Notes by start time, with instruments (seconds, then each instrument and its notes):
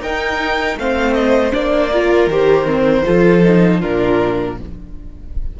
0.00 cello D#4, viola D#4, violin A#4 G5
0.76 cello A3, viola C4, violin C5 F5
1.13 violin D#5
1.51 cello A#3, viola D4, violin D5
1.92 viola F4, violin A#4
2.27 cello D#3, viola G4, violin C5
2.65 viola C4
3.06 cello F3, viola F4, violin A4
3.44 viola D#4
3.79 cello A#2, viola D4, violin F4 A#4